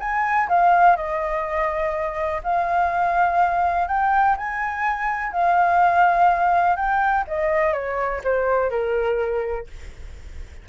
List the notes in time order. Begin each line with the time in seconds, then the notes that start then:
0.00 G#5
0.49 F5
0.96 D#5
2.43 F5
3.88 G5
4.37 G#5
5.32 F5
6.76 G5
7.27 D#5
7.73 C#5
8.24 C5
8.70 A#4